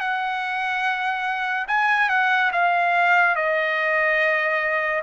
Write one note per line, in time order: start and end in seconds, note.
0.00 1.67 F#5
1.67 2.09 G#5
2.09 2.51 F#5
2.52 3.36 F5
3.36 5.02 D#5